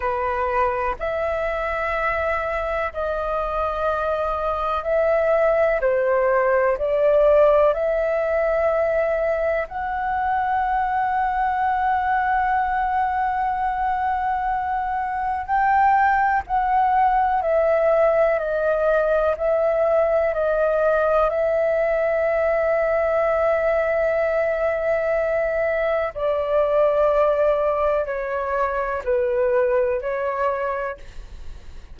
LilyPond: \new Staff \with { instrumentName = "flute" } { \time 4/4 \tempo 4 = 62 b'4 e''2 dis''4~ | dis''4 e''4 c''4 d''4 | e''2 fis''2~ | fis''1 |
g''4 fis''4 e''4 dis''4 | e''4 dis''4 e''2~ | e''2. d''4~ | d''4 cis''4 b'4 cis''4 | }